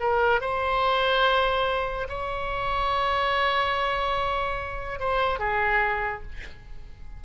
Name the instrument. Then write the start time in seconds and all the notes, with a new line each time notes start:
oboe
0.00 A#4
0.41 C5
2.09 C#5
5.00 C5
5.39 G#4